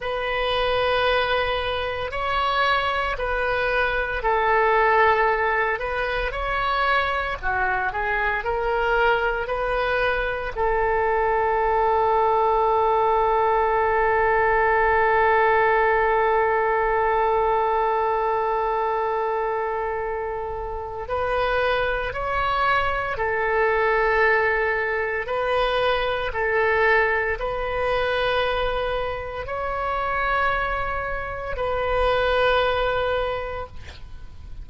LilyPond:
\new Staff \with { instrumentName = "oboe" } { \time 4/4 \tempo 4 = 57 b'2 cis''4 b'4 | a'4. b'8 cis''4 fis'8 gis'8 | ais'4 b'4 a'2~ | a'1~ |
a'1 | b'4 cis''4 a'2 | b'4 a'4 b'2 | cis''2 b'2 | }